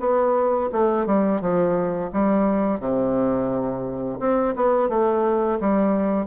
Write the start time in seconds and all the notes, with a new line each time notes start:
0.00 B3
0.72 A3
1.06 G3
1.41 F3
2.12 G3
2.80 C3
4.20 C4
4.56 B3
4.89 A3
5.60 G3